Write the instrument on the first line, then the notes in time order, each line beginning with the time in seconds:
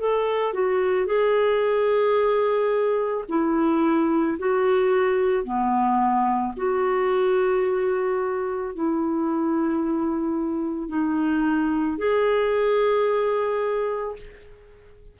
clarinet
0.00 A4
0.54 F#4
1.07 G#4
3.29 E4
4.39 F#4
5.44 B3
6.57 F#4
8.75 E4
10.89 D#4
11.98 G#4